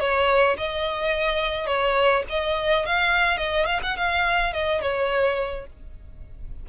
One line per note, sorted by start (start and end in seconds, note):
0.00 0.57 C#5
0.57 1.66 D#5
1.66 2.23 C#5
2.30 2.86 D#5
2.86 3.38 F5
3.38 3.66 D#5
3.66 3.80 F5
3.83 3.97 F#5
3.97 4.53 F5
4.53 4.81 D#5
4.82 5.67 C#5